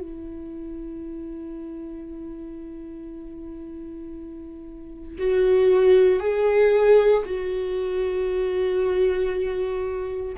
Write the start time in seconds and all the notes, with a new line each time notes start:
0.00 E4
5.18 F#4
6.19 G#4
7.25 F#4